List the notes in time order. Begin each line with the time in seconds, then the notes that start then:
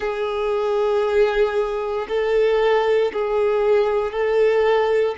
0.00 G#4
2.08 A4
3.12 G#4
4.11 A4